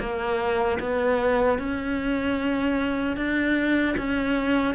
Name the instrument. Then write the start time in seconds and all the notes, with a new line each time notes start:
cello
0.00 A#3
0.80 B3
1.59 C#4
3.17 D4
3.98 C#4